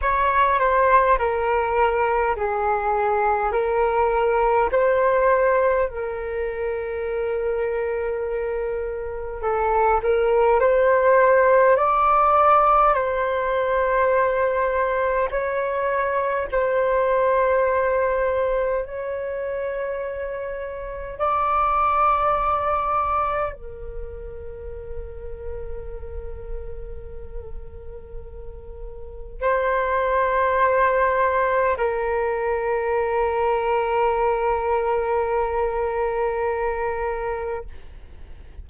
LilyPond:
\new Staff \with { instrumentName = "flute" } { \time 4/4 \tempo 4 = 51 cis''8 c''8 ais'4 gis'4 ais'4 | c''4 ais'2. | a'8 ais'8 c''4 d''4 c''4~ | c''4 cis''4 c''2 |
cis''2 d''2 | ais'1~ | ais'4 c''2 ais'4~ | ais'1 | }